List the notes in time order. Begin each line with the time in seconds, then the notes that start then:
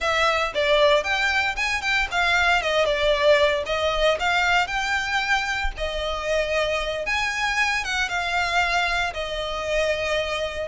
0.00 E5
0.54 D5
1.03 G5
1.56 G#5
1.81 G5
2.11 F5
2.62 D#5
2.85 D5
3.65 D#5
4.19 F5
4.67 G5
5.77 D#5
7.06 G#5
7.84 F#5
8.09 F5
9.13 D#5